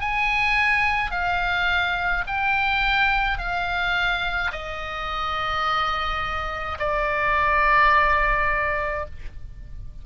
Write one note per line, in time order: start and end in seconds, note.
0.00 1.11 G#5
1.11 2.24 F5
2.27 3.38 G5
3.38 4.51 F5
4.52 6.78 D#5
6.79 9.06 D5